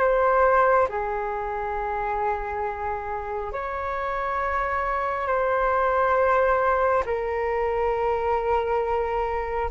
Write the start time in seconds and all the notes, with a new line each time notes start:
0.00 C5
0.89 G#4
3.53 C#5
5.27 C5
7.06 A#4